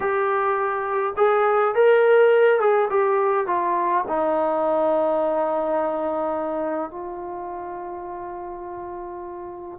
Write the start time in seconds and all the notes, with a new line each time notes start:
0.00 G4
1.17 G#4
1.74 A#4
2.60 G#4
2.90 G4
3.46 F4
4.08 D#4
6.90 F4